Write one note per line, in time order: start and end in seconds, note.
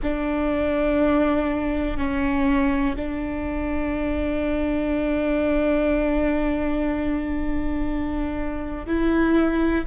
0.02 1.97 D4
1.97 2.95 C#4
2.96 8.86 D4
8.86 9.84 E4